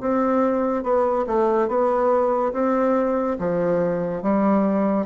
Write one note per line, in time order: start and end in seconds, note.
0.00 0.83 C4
0.83 1.25 B3
1.26 1.67 A3
1.67 2.52 B3
2.52 3.37 C4
3.38 4.22 F3
4.22 5.06 G3